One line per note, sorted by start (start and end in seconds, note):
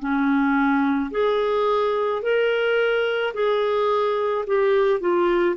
0.00 1.11 C#4
1.12 2.23 G#4
2.23 3.34 A#4
3.34 4.45 G#4
4.47 5.01 G4
5.01 5.56 F4